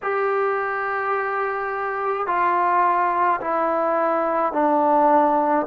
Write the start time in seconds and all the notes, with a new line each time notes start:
0.02 G4
2.26 F4
3.40 E4
4.53 D4